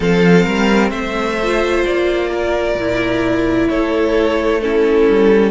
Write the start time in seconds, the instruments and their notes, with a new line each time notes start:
0.00 cello F3, viola C4, violin A4 F5
0.43 cello G3, violin A#4
0.90 cello A3, violin C5 E5
1.42 viola F4
1.85 cello A#3, violin D5
2.30 violin A#4
2.74 cello A#2, viola E4
3.68 cello A3, violin A4 C#5
4.61 viola C#4, violin E4 A4
5.08 cello G3